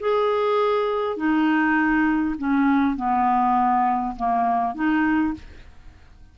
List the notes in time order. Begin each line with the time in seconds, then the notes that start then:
0.00 G#4
1.17 D#4
2.39 C#4
2.97 B3
4.16 A#3
4.75 D#4